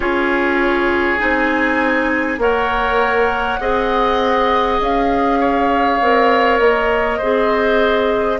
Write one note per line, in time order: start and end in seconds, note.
0.00 1.17 C#4
0.00 1.18 F4
0.00 2.39 G#4
0.00 1.19 C#5
1.18 2.38 C4
1.18 2.38 D#4
1.18 2.39 G#5
2.38 3.58 A#3
2.38 3.59 A#4
2.38 3.60 C#5
2.38 4.81 F#5
3.59 4.79 C4
3.59 6.00 G#4
3.59 5.39 D#5
4.79 6.00 C#4
4.79 6.59 F5
5.39 7.18 C#5
6.01 6.59 C4
6.01 7.21 A#4
6.59 7.19 A#3
6.59 8.39 D#5
7.18 8.39 C4
7.18 8.39 G#4
7.18 8.38 C5